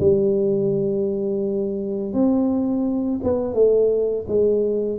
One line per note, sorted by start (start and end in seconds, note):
0.00 2.14 G3
2.14 3.21 C4
3.24 3.54 B3
3.54 4.26 A3
4.28 4.99 G#3